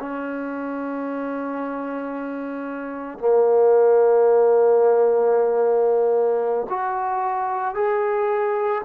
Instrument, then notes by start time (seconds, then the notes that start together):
trombone
0.00 C#4
3.19 A#3
6.70 F#4
7.75 G#4